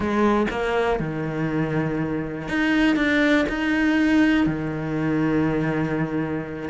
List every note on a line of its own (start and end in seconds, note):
0.00 0.46 G#3
0.50 0.99 A#3
0.99 2.48 D#3
2.48 2.95 D#4
2.95 3.45 D4
3.48 4.46 D#4
4.46 6.69 D#3